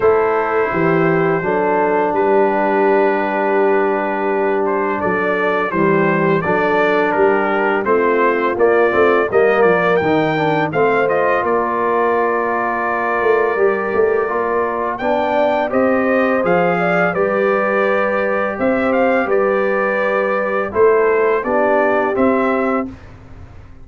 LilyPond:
<<
  \new Staff \with { instrumentName = "trumpet" } { \time 4/4 \tempo 4 = 84 c''2. b'4~ | b'2~ b'8 c''8 d''4 | c''4 d''4 ais'4 c''4 | d''4 dis''8 d''8 g''4 f''8 dis''8 |
d''1~ | d''4 g''4 dis''4 f''4 | d''2 e''8 f''8 d''4~ | d''4 c''4 d''4 e''4 | }
  \new Staff \with { instrumentName = "horn" } { \time 4/4 a'4 g'4 a'4 g'4~ | g'2. a'4 | g'4 a'4 g'4 f'4~ | f'4 ais'2 c''4 |
ais'1~ | ais'4 d''4 c''4. d''8 | b'2 c''4 b'4~ | b'4 a'4 g'2 | }
  \new Staff \with { instrumentName = "trombone" } { \time 4/4 e'2 d'2~ | d'1 | g4 d'2 c'4 | ais8 c'8 ais4 dis'8 d'8 c'8 f'8~ |
f'2. g'4 | f'4 d'4 g'4 gis'4 | g'1~ | g'4 e'4 d'4 c'4 | }
  \new Staff \with { instrumentName = "tuba" } { \time 4/4 a4 e4 fis4 g4~ | g2. fis4 | e4 fis4 g4 a4 | ais8 a8 g8 f8 dis4 a4 |
ais2~ ais8 a8 g8 a8 | ais4 b4 c'4 f4 | g2 c'4 g4~ | g4 a4 b4 c'4 | }
>>